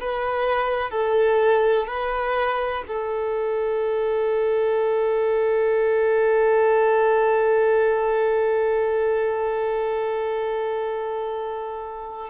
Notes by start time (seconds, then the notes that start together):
0.00 B4
0.90 A4
1.87 B4
2.87 A4